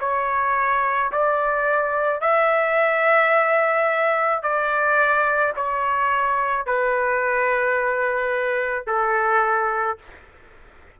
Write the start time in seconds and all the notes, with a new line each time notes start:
0.00 C#5
1.12 D5
2.21 E5
4.42 D5
5.56 C#5
6.66 B4
8.87 A4